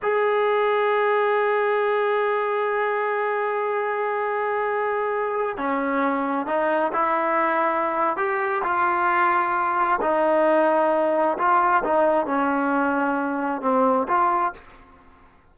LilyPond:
\new Staff \with { instrumentName = "trombone" } { \time 4/4 \tempo 4 = 132 gis'1~ | gis'1~ | gis'1~ | gis'16 cis'2 dis'4 e'8.~ |
e'2 g'4 f'4~ | f'2 dis'2~ | dis'4 f'4 dis'4 cis'4~ | cis'2 c'4 f'4 | }